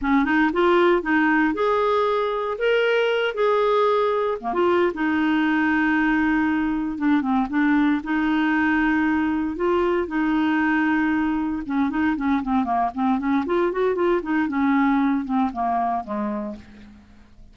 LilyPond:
\new Staff \with { instrumentName = "clarinet" } { \time 4/4 \tempo 4 = 116 cis'8 dis'8 f'4 dis'4 gis'4~ | gis'4 ais'4. gis'4.~ | gis'8 ais16 f'8. dis'2~ dis'8~ | dis'4. d'8 c'8 d'4 dis'8~ |
dis'2~ dis'8 f'4 dis'8~ | dis'2~ dis'8 cis'8 dis'8 cis'8 | c'8 ais8 c'8 cis'8 f'8 fis'8 f'8 dis'8 | cis'4. c'8 ais4 gis4 | }